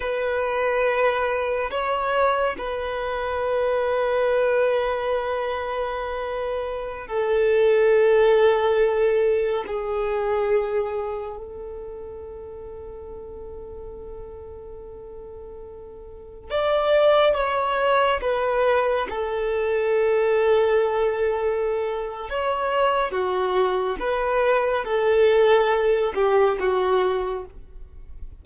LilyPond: \new Staff \with { instrumentName = "violin" } { \time 4/4 \tempo 4 = 70 b'2 cis''4 b'4~ | b'1~ | b'16 a'2. gis'8.~ | gis'4~ gis'16 a'2~ a'8.~ |
a'2.~ a'16 d''8.~ | d''16 cis''4 b'4 a'4.~ a'16~ | a'2 cis''4 fis'4 | b'4 a'4. g'8 fis'4 | }